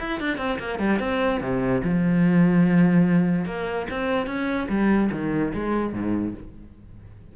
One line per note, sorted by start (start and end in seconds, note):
0.00 0.20 E4
0.20 0.38 D4
0.38 0.58 C4
0.59 0.79 A#3
0.79 1.00 G3
1.00 1.41 C4
1.41 1.82 C3
1.84 3.46 F3
3.46 3.87 A#3
3.90 4.26 C4
4.26 4.68 C#4
4.69 5.10 G3
5.12 5.53 D#3
5.54 5.93 G#3
5.93 6.34 G#2